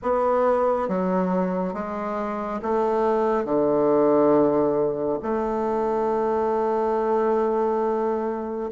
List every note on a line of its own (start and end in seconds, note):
0.02 0.88 B3
0.88 1.73 F#3
1.73 2.60 G#3
2.62 3.44 A3
3.44 5.18 D3
5.22 8.70 A3